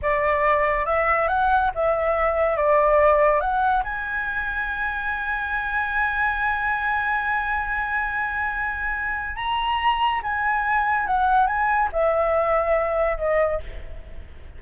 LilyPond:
\new Staff \with { instrumentName = "flute" } { \time 4/4 \tempo 4 = 141 d''2 e''4 fis''4 | e''2 d''2 | fis''4 gis''2.~ | gis''1~ |
gis''1~ | gis''2 ais''2 | gis''2 fis''4 gis''4 | e''2. dis''4 | }